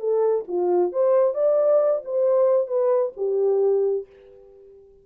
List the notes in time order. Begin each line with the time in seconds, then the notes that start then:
0.00 A4
0.48 F4
0.92 C5
1.35 D5
2.05 C5
2.68 B4
3.17 G4